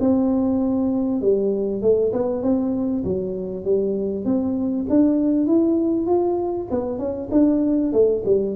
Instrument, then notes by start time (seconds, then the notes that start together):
tuba
0.00 C4
1.21 G3
1.82 A3
2.13 B3
2.43 C4
3.04 F#3
3.65 G3
4.25 C4
4.90 D4
5.47 E4
6.07 F4
6.71 B3
6.99 C#4
7.32 D4
7.93 A3
8.25 G3